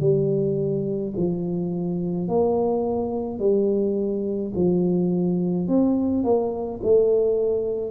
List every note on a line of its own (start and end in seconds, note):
0.00 1.13 G3
1.16 2.28 F3
2.28 3.39 A#3
3.39 4.52 G3
4.54 5.68 F3
5.68 6.24 C4
6.24 6.80 A#3
6.83 7.90 A3